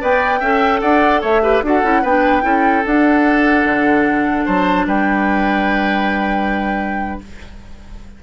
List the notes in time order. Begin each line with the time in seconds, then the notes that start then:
0.00 B3 B4 D5 G5
0.40 C#4 A4 E5
0.81 D4 D5 F#5
1.21 A3 C#5 E5
1.42 G4 B4
1.62 D4 F#4 A4 F#5
1.83 C#4 E4
2.02 B3 D4 B4 G5
2.42 C#4 E4 A4
2.85 D4 F#5
3.65 D3
4.46 F#3 C5 A5
4.87 G3 B4 G5